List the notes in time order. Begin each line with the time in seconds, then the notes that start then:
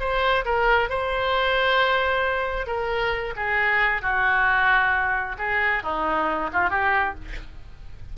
0.00 C5
0.45 A#4
0.90 C5
2.67 A#4
3.36 G#4
4.02 F#4
5.38 G#4
5.83 D#4
6.53 F4
6.70 G4